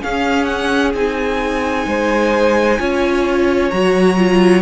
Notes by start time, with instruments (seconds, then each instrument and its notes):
0.00 viola C#4, cello C#4, violin G#4 F5
0.44 violin F#5
0.93 cello C4, viola D#4, violin G#5
1.86 cello G#3, violin C5
2.78 cello C#4, viola F4, violin C#5
3.69 cello F#3, viola F#4, violin A#5
4.17 viola F4